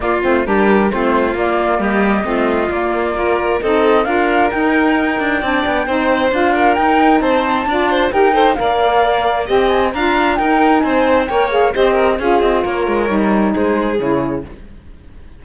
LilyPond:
<<
  \new Staff \with { instrumentName = "flute" } { \time 4/4 \tempo 4 = 133 d''8 c''8 ais'4 c''4 d''4 | dis''2 d''2 | dis''4 f''4 g''2~ | g''2 f''4 g''4 |
a''2 g''4 f''4~ | f''4 g''8 gis''8 ais''4 g''4 | gis''4 g''8 f''8 dis''4 f''8 dis''8 | cis''2 c''4 cis''4 | }
  \new Staff \with { instrumentName = "violin" } { \time 4/4 f'4 g'4 f'2 | g'4 f'2 ais'4 | a'4 ais'2. | d''4 c''4. ais'4. |
c''4 d''8 c''8 ais'8 c''8 d''4~ | d''4 dis''4 f''4 ais'4 | c''4 cis''4 c''8 ais'8 gis'4 | ais'2 gis'2 | }
  \new Staff \with { instrumentName = "saxophone" } { \time 4/4 ais8 c'8 d'4 c'4 ais4~ | ais4 c'4 ais4 f'4 | dis'4 f'4 dis'2 | d'4 dis'4 f'4 dis'4~ |
dis'4 f'4 g'8 a'8 ais'4~ | ais'4 g'4 f'4 dis'4~ | dis'4 ais'8 gis'8 g'4 f'4~ | f'4 dis'2 e'4 | }
  \new Staff \with { instrumentName = "cello" } { \time 4/4 ais8 a8 g4 a4 ais4 | g4 a4 ais2 | c'4 d'4 dis'4. d'8 | c'8 b8 c'4 d'4 dis'4 |
c'4 d'4 dis'4 ais4~ | ais4 c'4 d'4 dis'4 | c'4 ais4 c'4 cis'8 c'8 | ais8 gis8 g4 gis4 cis4 | }
>>